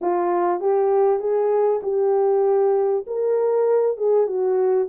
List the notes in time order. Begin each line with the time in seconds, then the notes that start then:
0.01 F4
0.60 G4
1.19 G#4
1.82 G4
3.06 A#4
3.97 G#4
4.26 F#4